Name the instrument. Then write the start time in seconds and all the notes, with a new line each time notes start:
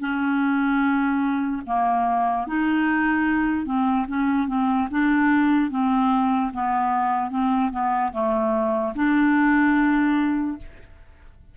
clarinet
0.00 C#4
1.67 A#3
2.47 D#4
3.66 C4
4.08 C#4
4.48 C4
4.91 D4
5.71 C4
6.53 B3
7.30 C4
7.71 B3
8.13 A3
8.95 D4